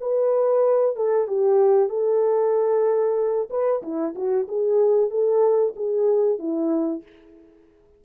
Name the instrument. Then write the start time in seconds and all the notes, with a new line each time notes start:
horn
0.00 B4
0.96 A4
1.27 G4
1.89 A4
3.50 B4
3.82 E4
4.15 F#4
4.48 G#4
5.10 A4
5.76 G#4
6.39 E4